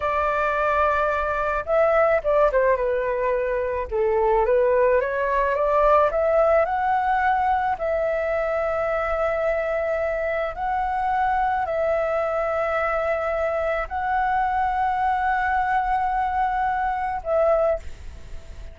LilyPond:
\new Staff \with { instrumentName = "flute" } { \time 4/4 \tempo 4 = 108 d''2. e''4 | d''8 c''8 b'2 a'4 | b'4 cis''4 d''4 e''4 | fis''2 e''2~ |
e''2. fis''4~ | fis''4 e''2.~ | e''4 fis''2.~ | fis''2. e''4 | }